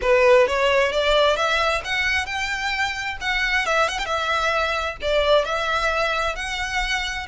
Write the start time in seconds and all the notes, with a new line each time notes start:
0.01 B4
0.47 C#5
0.92 D5
1.36 E5
1.84 F#5
2.26 G5
3.20 F#5
3.65 E5
3.88 F#5
3.99 G5
4.05 E5
5.01 D5
5.44 E5
6.35 F#5